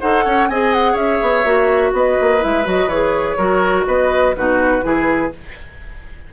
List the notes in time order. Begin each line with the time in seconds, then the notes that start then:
0.00 D#4 A4 C5 F#5
0.24 C#4 C#5
0.49 C4 G#4 D#5 G#5
0.73 F#5
0.93 C#4 C#5 E5
1.22 B3
1.44 A#3 F#4
1.93 B3 B4 D#5
2.21 A#3
2.39 G#3 E4 E5
2.64 F#3 F#4 D#5
2.86 E3 G#4 C#5
3.37 F#3 F#4 A#4
3.87 B3 B4 D#5
4.36 B2 D#4 F#4 B4
4.82 E3 E4 G#4